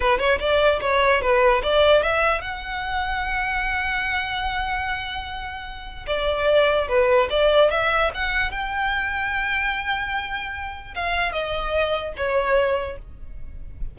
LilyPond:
\new Staff \with { instrumentName = "violin" } { \time 4/4 \tempo 4 = 148 b'8 cis''8 d''4 cis''4 b'4 | d''4 e''4 fis''2~ | fis''1~ | fis''2. d''4~ |
d''4 b'4 d''4 e''4 | fis''4 g''2.~ | g''2. f''4 | dis''2 cis''2 | }